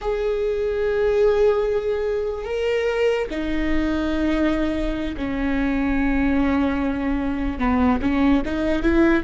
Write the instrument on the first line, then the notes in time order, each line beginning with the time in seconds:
viola
0.01 G#4
2.44 A#4
3.30 D#4
5.16 C#4
7.58 B3
8.01 C#4
8.45 D#4
8.82 E4